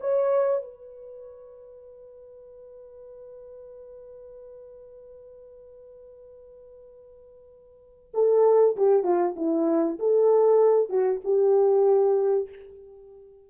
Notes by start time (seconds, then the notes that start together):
0.00 C#5
0.62 B4
8.14 A4
8.76 G4
9.03 F4
9.36 E4
9.99 A4
10.89 F#4
11.24 G4